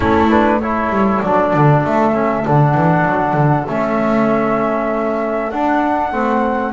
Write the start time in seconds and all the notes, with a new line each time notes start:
0.00 A3 C#4 E4 A4
0.29 D4 B4
0.59 E4 A4 C#5
0.89 G3
1.20 F#3 D4 D5
1.53 D3
1.84 A3 E5
2.13 C#4
2.44 D3 D4 F#5
2.74 E3
3.05 F#3
3.33 D3
3.67 A3 C#4 E5
5.50 D4 F#5
6.11 A3 C4